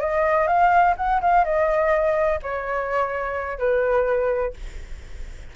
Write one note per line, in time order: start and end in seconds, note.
0.00 0.47 D#5
0.47 0.95 F5
0.97 1.21 F#5
1.21 1.45 F5
1.45 2.40 D#5
2.42 3.58 C#5
3.58 4.54 B4